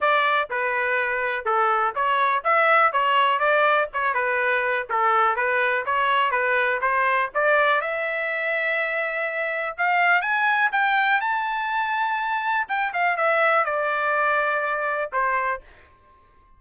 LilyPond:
\new Staff \with { instrumentName = "trumpet" } { \time 4/4 \tempo 4 = 123 d''4 b'2 a'4 | cis''4 e''4 cis''4 d''4 | cis''8 b'4. a'4 b'4 | cis''4 b'4 c''4 d''4 |
e''1 | f''4 gis''4 g''4 a''4~ | a''2 g''8 f''8 e''4 | d''2. c''4 | }